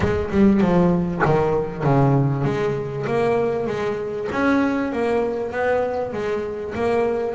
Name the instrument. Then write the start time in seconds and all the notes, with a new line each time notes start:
double bass
0.00 G#3
0.30 G3
0.60 F3
1.25 D#3
1.83 C#3
2.44 G#3
3.06 A#3
3.67 G#3
4.31 C#4
4.92 A#3
5.51 B3
6.13 G#3
6.74 A#3